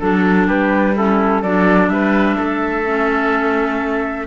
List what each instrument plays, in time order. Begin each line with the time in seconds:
0.00 cello F#3, clarinet D4, oboe A4, flute A4
0.47 cello G3, oboe G4, flute B4
0.96 clarinet C#4, oboe E4, flute A4
1.42 cello F#3, clarinet D4, oboe A4, flute D5
1.88 cello G3, oboe B4, flute E5
2.37 cello A3, oboe A4
2.85 clarinet C#4